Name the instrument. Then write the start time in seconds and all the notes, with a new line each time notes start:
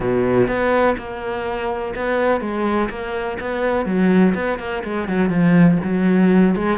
cello
0.00 B2
0.47 B3
0.97 A#3
1.95 B3
2.40 G#3
2.89 A#3
3.40 B3
3.85 F#3
4.35 B3
4.59 A#3
4.84 G#3
5.08 F#3
5.29 F3
5.83 F#3
6.55 G#3